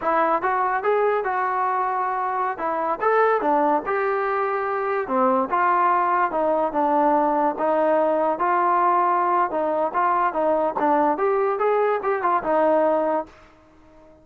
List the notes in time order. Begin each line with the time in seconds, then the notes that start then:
0.01 E4
0.42 F#4
0.83 G#4
1.23 F#4
2.57 E4
3.00 A4
3.41 D4
3.86 G4
5.07 C4
5.49 F4
6.31 D#4
6.72 D4
7.58 D#4
8.38 F4
9.50 D#4
9.93 F4
10.33 D#4
10.79 D4
11.17 G4
11.58 G#4
12.02 G4
12.22 F4
12.43 D#4